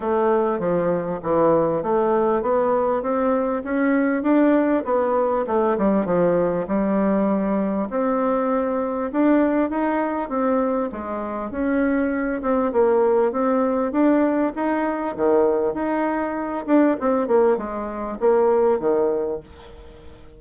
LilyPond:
\new Staff \with { instrumentName = "bassoon" } { \time 4/4 \tempo 4 = 99 a4 f4 e4 a4 | b4 c'4 cis'4 d'4 | b4 a8 g8 f4 g4~ | g4 c'2 d'4 |
dis'4 c'4 gis4 cis'4~ | cis'8 c'8 ais4 c'4 d'4 | dis'4 dis4 dis'4. d'8 | c'8 ais8 gis4 ais4 dis4 | }